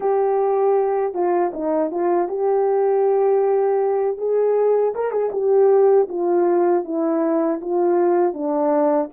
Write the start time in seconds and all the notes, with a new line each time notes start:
0.00 G4
1.14 F4
1.53 D#4
1.90 F4
2.28 G4
4.17 G#4
4.94 A#4
5.11 G#4
5.32 G4
6.09 F4
6.84 E4
7.61 F4
8.33 D4